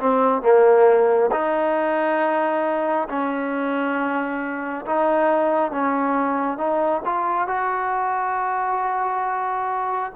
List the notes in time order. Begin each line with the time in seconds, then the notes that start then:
0.00 C4
0.43 A#3
1.32 D#4
3.09 C#4
4.86 D#4
5.72 C#4
6.58 D#4
7.05 F4
7.48 F#4